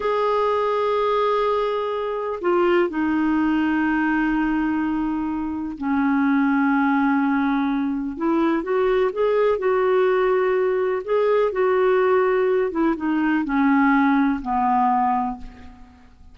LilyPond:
\new Staff \with { instrumentName = "clarinet" } { \time 4/4 \tempo 4 = 125 gis'1~ | gis'4 f'4 dis'2~ | dis'1 | cis'1~ |
cis'4 e'4 fis'4 gis'4 | fis'2. gis'4 | fis'2~ fis'8 e'8 dis'4 | cis'2 b2 | }